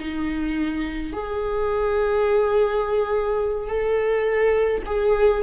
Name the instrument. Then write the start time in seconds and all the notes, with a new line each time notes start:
viola
0.00 D#4
1.14 G#4
3.68 A4
4.86 G#4